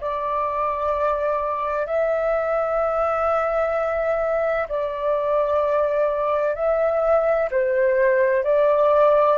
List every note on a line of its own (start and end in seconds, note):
0.00 1.86 D5
1.86 4.67 E5
4.68 6.55 D5
6.55 7.49 E5
7.50 8.43 C5
8.43 9.37 D5